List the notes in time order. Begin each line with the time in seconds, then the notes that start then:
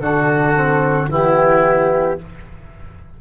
0.00 D3 D4 F#4 A4
0.55 C4
1.10 E3 B3 E4 G4